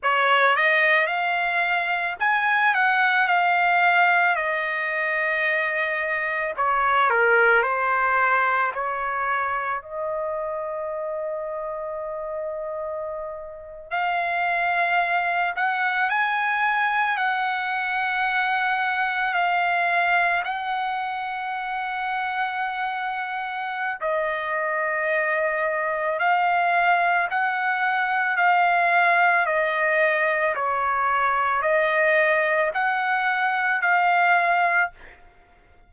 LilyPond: \new Staff \with { instrumentName = "trumpet" } { \time 4/4 \tempo 4 = 55 cis''8 dis''8 f''4 gis''8 fis''8 f''4 | dis''2 cis''8 ais'8 c''4 | cis''4 dis''2.~ | dis''8. f''4. fis''8 gis''4 fis''16~ |
fis''4.~ fis''16 f''4 fis''4~ fis''16~ | fis''2 dis''2 | f''4 fis''4 f''4 dis''4 | cis''4 dis''4 fis''4 f''4 | }